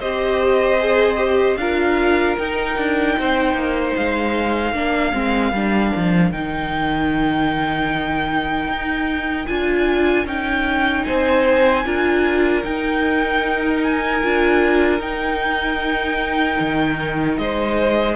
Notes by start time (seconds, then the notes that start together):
0.00 C4 G4 C5 D#5
0.80 G#4
1.17 G4
1.56 D4 F4 A#4 F5
2.38 D#4 G5
2.77 D4
3.18 C4 C5
3.54 A#3
3.96 G#3 F5
4.73 A#3 D4 A#4
5.13 G#3 C4
5.52 G3 D4
5.96 F3
6.31 D#3 D#4 G5
8.68 D#4
9.47 D4 F4 G#5
10.25 C#4 D#4 G5
11.04 C4 C5 G#5
11.85 D4 F4 A#4
12.63 D#4 G5
13.83 G#5
14.23 D4 F4
15.00 D#4 G5
16.60 D#3
17.37 G#3 C5 D#5